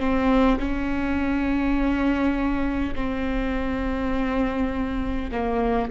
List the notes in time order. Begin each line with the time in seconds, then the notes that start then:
0.00 C4
0.59 C#4
2.95 C4
5.32 A#3